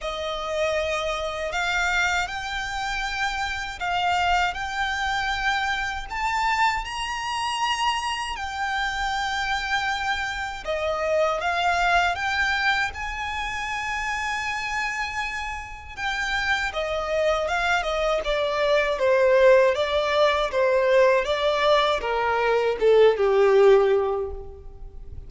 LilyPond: \new Staff \with { instrumentName = "violin" } { \time 4/4 \tempo 4 = 79 dis''2 f''4 g''4~ | g''4 f''4 g''2 | a''4 ais''2 g''4~ | g''2 dis''4 f''4 |
g''4 gis''2.~ | gis''4 g''4 dis''4 f''8 dis''8 | d''4 c''4 d''4 c''4 | d''4 ais'4 a'8 g'4. | }